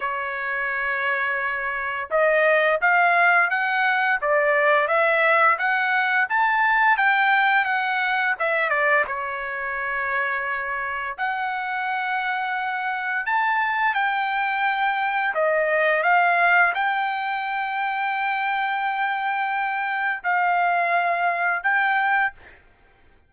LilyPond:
\new Staff \with { instrumentName = "trumpet" } { \time 4/4 \tempo 4 = 86 cis''2. dis''4 | f''4 fis''4 d''4 e''4 | fis''4 a''4 g''4 fis''4 | e''8 d''8 cis''2. |
fis''2. a''4 | g''2 dis''4 f''4 | g''1~ | g''4 f''2 g''4 | }